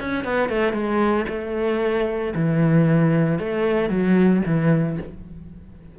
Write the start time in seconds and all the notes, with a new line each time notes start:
0.00 C#4
0.24 B3
0.49 A3
0.73 G#3
1.28 A3
2.35 E3
3.39 A3
3.89 F#3
4.46 E3